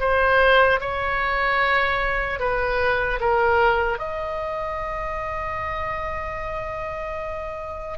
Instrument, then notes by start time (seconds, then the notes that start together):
oboe
0.00 C5
0.81 C#5
2.40 B4
3.20 A#4
3.99 D#5